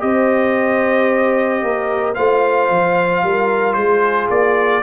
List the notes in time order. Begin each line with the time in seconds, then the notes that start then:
0.00 C4 G4 C5 D#5
1.62 A#3 A#4
2.15 A3 F4 C5 F5
2.70 F3
3.23 G3 A#4
3.74 G#3 G#4 C5
4.30 A#3 D5